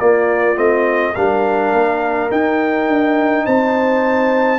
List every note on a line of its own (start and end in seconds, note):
0.00 0.56 A#3
0.00 0.57 A#3
0.00 1.16 F4
0.00 0.58 D5
0.56 1.15 A3
0.56 1.14 C4
0.56 1.15 D#5
1.15 1.73 G3
1.15 2.30 D4
1.15 3.45 A#4
1.15 2.31 F5
1.73 2.30 A#3
2.30 4.59 D#4
2.30 2.88 D#4
2.30 3.46 G5
2.88 3.46 D4
3.45 4.59 C4
3.45 4.59 C5
3.45 4.59 A5